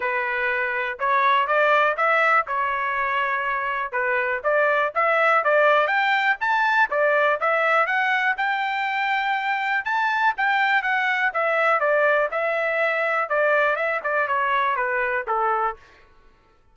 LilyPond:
\new Staff \with { instrumentName = "trumpet" } { \time 4/4 \tempo 4 = 122 b'2 cis''4 d''4 | e''4 cis''2. | b'4 d''4 e''4 d''4 | g''4 a''4 d''4 e''4 |
fis''4 g''2. | a''4 g''4 fis''4 e''4 | d''4 e''2 d''4 | e''8 d''8 cis''4 b'4 a'4 | }